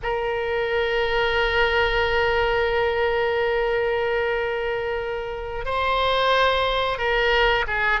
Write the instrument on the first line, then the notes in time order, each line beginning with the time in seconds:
oboe
0.02 A#4
5.65 C5
6.98 A#4
7.67 G#4